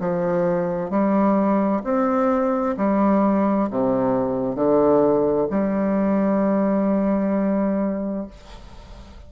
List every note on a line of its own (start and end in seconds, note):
0.00 0.90 F3
0.90 1.83 G3
1.84 2.76 C4
2.77 3.70 G3
3.70 4.56 C3
4.56 5.48 D3
5.50 8.27 G3